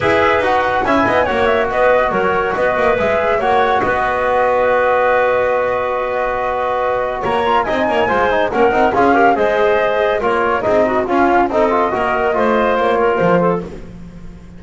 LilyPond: <<
  \new Staff \with { instrumentName = "flute" } { \time 4/4 \tempo 4 = 141 e''4 fis''4 gis''4 fis''8 e''8 | dis''4 cis''4 dis''4 e''4 | fis''4 dis''2.~ | dis''1~ |
dis''4 ais''4 gis''2 | fis''4 f''4 dis''2 | cis''4 dis''4 f''4 dis''4~ | dis''2 cis''4 c''4 | }
  \new Staff \with { instrumentName = "clarinet" } { \time 4/4 b'2 e''8 dis''8 cis''4 | b'4 ais'4 b'2 | cis''4 b'2.~ | b'1~ |
b'4 cis''4 dis''8 cis''8 c''4 | ais'4 gis'8 ais'8 c''2 | ais'4 gis'8 fis'8 f'4 a'4 | ais'4 c''4. ais'4 a'8 | }
  \new Staff \with { instrumentName = "trombone" } { \time 4/4 gis'4 fis'4 e'4 fis'4~ | fis'2. gis'4 | fis'1~ | fis'1~ |
fis'4. f'8 dis'4 f'8 dis'8 | cis'8 dis'8 f'8 g'8 gis'2 | f'4 dis'4 cis'4 dis'8 f'8 | fis'4 f'2. | }
  \new Staff \with { instrumentName = "double bass" } { \time 4/4 e'4 dis'4 cis'8 b8 ais4 | b4 fis4 b8 ais8 gis4 | ais4 b2.~ | b1~ |
b4 ais4 c'8 ais8 gis4 | ais8 c'8 cis'4 gis2 | ais4 c'4 cis'4 c'4 | ais4 a4 ais4 f4 | }
>>